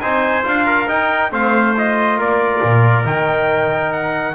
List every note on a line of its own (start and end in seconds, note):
0.00 0.45 C4
0.00 0.43 D#4
0.00 0.66 C5
0.00 0.43 G#5
0.43 0.88 D4
0.43 0.86 F4
0.43 0.89 F5
0.66 1.31 A#4
0.87 1.31 D#4
0.87 1.32 G5
1.31 2.17 A3
1.31 1.74 C4
1.31 2.18 C5
1.31 1.76 F5
1.76 3.04 F4
1.76 2.20 D#5
2.17 2.61 A#3
2.17 4.34 A#4
2.17 3.06 D5
2.62 3.05 A#2
3.04 4.34 D#3
3.04 4.34 D#4
3.04 3.92 G5
3.92 4.34 F#5